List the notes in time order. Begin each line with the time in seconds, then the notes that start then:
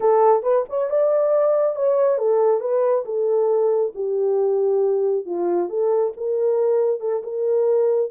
0.00 A4
0.43 B4
0.69 C#5
0.90 D5
1.75 C#5
2.18 A4
2.60 B4
3.05 A4
3.94 G4
5.25 F4
5.69 A4
6.16 A#4
7.00 A4
7.23 A#4